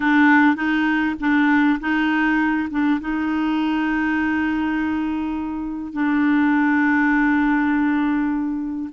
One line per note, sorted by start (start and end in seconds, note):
0.00 0.55 D4
0.55 1.14 D#4
1.20 1.79 D4
1.80 2.69 D#4
2.70 3.00 D4
3.00 5.92 D#4
5.92 8.89 D4